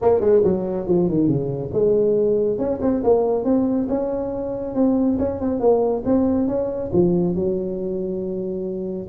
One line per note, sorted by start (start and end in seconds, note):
0.01 0.20 A#3
0.20 0.42 G#3
0.44 0.87 F#3
0.87 1.08 F3
1.08 1.27 D#3
1.27 1.70 C#3
1.73 2.58 G#3
2.58 2.80 C#4
2.81 3.03 C4
3.03 3.44 A#3
3.44 3.87 C4
3.88 4.74 C#4
4.74 5.18 C4
5.18 5.40 C#4
5.40 5.59 C4
5.59 6.03 A#3
6.05 6.47 C4
6.47 6.90 C#4
6.93 7.35 F3
7.35 9.07 F#3